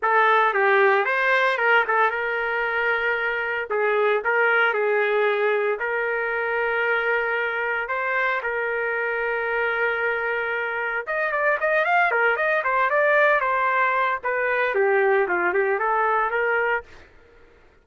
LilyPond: \new Staff \with { instrumentName = "trumpet" } { \time 4/4 \tempo 4 = 114 a'4 g'4 c''4 ais'8 a'8 | ais'2. gis'4 | ais'4 gis'2 ais'4~ | ais'2. c''4 |
ais'1~ | ais'4 dis''8 d''8 dis''8 f''8 ais'8 dis''8 | c''8 d''4 c''4. b'4 | g'4 f'8 g'8 a'4 ais'4 | }